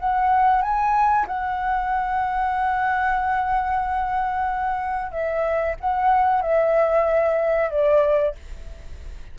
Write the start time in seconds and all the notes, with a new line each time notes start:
0.00 F#5
0.62 G#5
1.28 F#5
5.12 E5
5.81 F#5
6.43 E5
7.71 D5